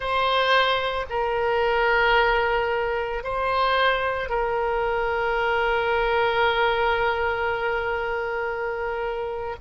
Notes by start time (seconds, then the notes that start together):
0.00 C5
1.09 A#4
3.23 C5
4.29 A#4